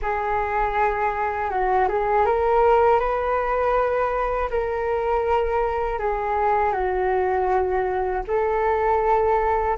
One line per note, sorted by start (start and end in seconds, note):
0.02 1.50 G#4
1.50 1.88 F#4
1.88 2.25 G#4
2.25 2.99 A#4
2.99 4.49 B4
4.50 5.98 A#4
5.98 6.73 G#4
6.73 8.23 F#4
8.27 9.77 A4